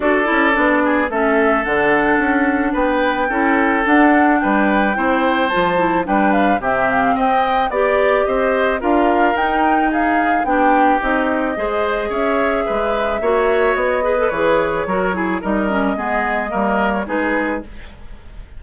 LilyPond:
<<
  \new Staff \with { instrumentName = "flute" } { \time 4/4 \tempo 4 = 109 d''2 e''4 fis''4~ | fis''4 g''2 fis''4 | g''2 a''4 g''8 f''8 | e''8 f''8 g''4 d''4 dis''4 |
f''4 g''4 f''4 g''4 | dis''2 e''2~ | e''4 dis''4 cis''2 | dis''2~ dis''8. cis''16 b'4 | }
  \new Staff \with { instrumentName = "oboe" } { \time 4/4 a'4. gis'8 a'2~ | a'4 b'4 a'2 | b'4 c''2 b'4 | g'4 dis''4 d''4 c''4 |
ais'2 gis'4 g'4~ | g'4 c''4 cis''4 b'4 | cis''4. b'4. ais'8 gis'8 | ais'4 gis'4 ais'4 gis'4 | }
  \new Staff \with { instrumentName = "clarinet" } { \time 4/4 fis'8 e'8 d'4 cis'4 d'4~ | d'2 e'4 d'4~ | d'4 e'4 f'8 e'8 d'4 | c'2 g'2 |
f'4 dis'2 d'4 | dis'4 gis'2. | fis'4. gis'16 a'16 gis'4 fis'8 e'8 | dis'8 cis'8 b4 ais4 dis'4 | }
  \new Staff \with { instrumentName = "bassoon" } { \time 4/4 d'8 cis'8 b4 a4 d4 | cis'4 b4 cis'4 d'4 | g4 c'4 f4 g4 | c4 c'4 b4 c'4 |
d'4 dis'2 b4 | c'4 gis4 cis'4 gis4 | ais4 b4 e4 fis4 | g4 gis4 g4 gis4 | }
>>